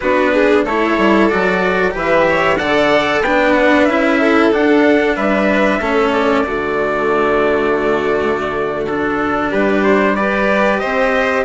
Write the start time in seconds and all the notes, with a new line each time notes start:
0.00 B3 D4 F#4 B4
0.33 G#4
0.64 A3 E4 A4 C#5
0.97 G3
1.29 F#3 F#4 D5
1.91 E3 G4 B4
1.98 E5
2.29 C#5
2.56 D3 A4 D5 F#5
3.21 B3 D4 B4 G5
3.54 F#5
3.84 C#4 E4 E5
4.19 A4
4.51 D4 F#5
5.15 G3 B4 E5
5.79 A3 C#4 A4
6.12 D5
6.44 D3 A3 F#4
8.86 D4 A4
9.49 G3 G4 B4
9.83 C5
10.15 G4 B4 D5
10.79 C4 C5 D#5